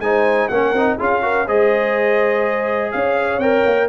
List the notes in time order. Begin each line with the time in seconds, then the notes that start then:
0.00 G#3 D#4 C5 G#5
0.48 A#3 C#4 A#4 F#5
0.73 C4 D#4
0.98 C#4 F4 G#4 F5
1.22 F#4 A#4
1.46 G#3 G#4 C5 D#5
2.92 C#4 C#5 F5
3.38 C4 A#4 G5
3.66 A#3